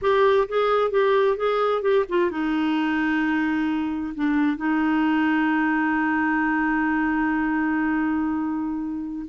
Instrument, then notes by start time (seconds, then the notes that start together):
clarinet
0.01 G4
0.48 G#4
0.90 G4
1.36 G#4
1.82 G4
2.09 F4
2.30 D#4
4.14 D4
4.56 D#4